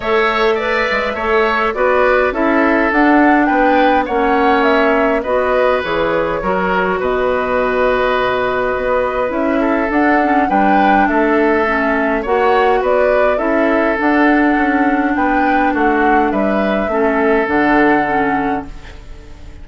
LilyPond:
<<
  \new Staff \with { instrumentName = "flute" } { \time 4/4 \tempo 4 = 103 e''2. d''4 | e''4 fis''4 g''4 fis''4 | e''4 dis''4 cis''2 | dis''1 |
e''4 fis''4 g''4 e''4~ | e''4 fis''4 d''4 e''4 | fis''2 g''4 fis''4 | e''2 fis''2 | }
  \new Staff \with { instrumentName = "oboe" } { \time 4/4 cis''4 d''4 cis''4 b'4 | a'2 b'4 cis''4~ | cis''4 b'2 ais'4 | b'1~ |
b'8 a'4. b'4 a'4~ | a'4 cis''4 b'4 a'4~ | a'2 b'4 fis'4 | b'4 a'2. | }
  \new Staff \with { instrumentName = "clarinet" } { \time 4/4 a'4 b'4 a'4 fis'4 | e'4 d'2 cis'4~ | cis'4 fis'4 gis'4 fis'4~ | fis'1 |
e'4 d'8 cis'8 d'2 | cis'4 fis'2 e'4 | d'1~ | d'4 cis'4 d'4 cis'4 | }
  \new Staff \with { instrumentName = "bassoon" } { \time 4/4 a4. gis8 a4 b4 | cis'4 d'4 b4 ais4~ | ais4 b4 e4 fis4 | b,2. b4 |
cis'4 d'4 g4 a4~ | a4 ais4 b4 cis'4 | d'4 cis'4 b4 a4 | g4 a4 d2 | }
>>